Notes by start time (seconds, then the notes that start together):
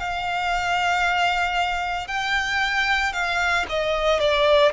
0.00 F5
2.08 G5
3.13 F5
3.69 D#5
4.20 D5